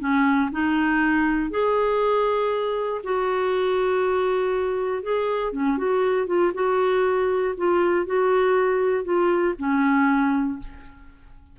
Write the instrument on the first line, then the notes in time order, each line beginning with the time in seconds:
clarinet
0.00 C#4
0.52 D#4
1.51 G#4
3.04 F#4
5.03 G#4
5.53 C#4
5.78 F#4
6.27 F4
6.54 F#4
7.57 F4
8.06 F#4
9.04 F4
9.59 C#4